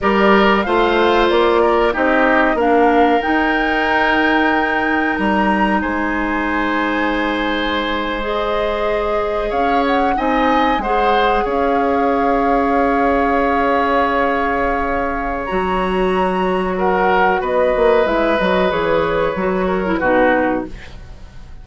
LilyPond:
<<
  \new Staff \with { instrumentName = "flute" } { \time 4/4 \tempo 4 = 93 d''4 f''4 d''4 dis''4 | f''4 g''2. | ais''4 gis''2.~ | gis''8. dis''2 f''8 fis''8 gis''16~ |
gis''8. fis''4 f''2~ f''16~ | f''1 | ais''2 fis''4 dis''4 | e''8 dis''8 cis''2 b'4 | }
  \new Staff \with { instrumentName = "oboe" } { \time 4/4 ais'4 c''4. ais'8 g'4 | ais'1~ | ais'4 c''2.~ | c''2~ c''8. cis''4 dis''16~ |
dis''8. c''4 cis''2~ cis''16~ | cis''1~ | cis''2 ais'4 b'4~ | b'2~ b'8 ais'8 fis'4 | }
  \new Staff \with { instrumentName = "clarinet" } { \time 4/4 g'4 f'2 dis'4 | d'4 dis'2.~ | dis'1~ | dis'8. gis'2. dis'16~ |
dis'8. gis'2.~ gis'16~ | gis'1 | fis'1 | e'8 fis'8 gis'4 fis'8. e'16 dis'4 | }
  \new Staff \with { instrumentName = "bassoon" } { \time 4/4 g4 a4 ais4 c'4 | ais4 dis'2. | g4 gis2.~ | gis2~ gis8. cis'4 c'16~ |
c'8. gis4 cis'2~ cis'16~ | cis'1 | fis2. b8 ais8 | gis8 fis8 e4 fis4 b,4 | }
>>